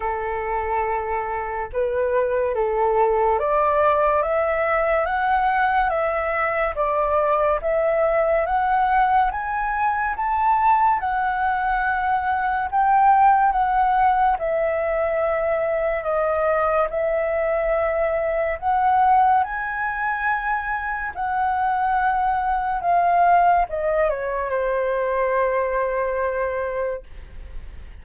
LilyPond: \new Staff \with { instrumentName = "flute" } { \time 4/4 \tempo 4 = 71 a'2 b'4 a'4 | d''4 e''4 fis''4 e''4 | d''4 e''4 fis''4 gis''4 | a''4 fis''2 g''4 |
fis''4 e''2 dis''4 | e''2 fis''4 gis''4~ | gis''4 fis''2 f''4 | dis''8 cis''8 c''2. | }